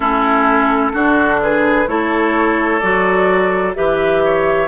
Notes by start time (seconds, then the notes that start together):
0.00 A3 C#4 E4 A4
0.92 D3 D4 F#4
1.42 G#4 B4
1.87 A3 E4 A4 C#5
2.79 F#3 F#4 D5
3.74 E3 G4 B4 E5
4.24 C#5